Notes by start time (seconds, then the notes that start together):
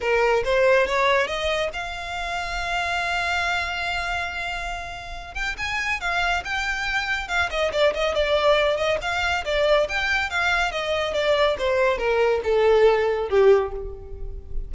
0.00 A#4
0.44 C5
0.86 C#5
1.27 D#5
1.73 F5
5.34 G5
5.57 G#5
6.00 F5
6.44 G5
7.28 F5
7.50 D#5
7.72 D5
7.93 D#5
8.14 D5
8.76 D#5
9.01 F5
9.44 D5
9.88 G5
10.30 F5
10.71 D#5
11.13 D5
11.58 C5
11.98 A#4
12.43 A4
13.29 G4